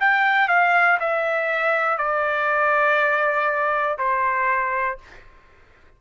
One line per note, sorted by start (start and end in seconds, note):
0.00 0.48 G5
0.48 0.98 F5
0.99 1.97 E5
1.97 3.97 D5
3.98 4.98 C5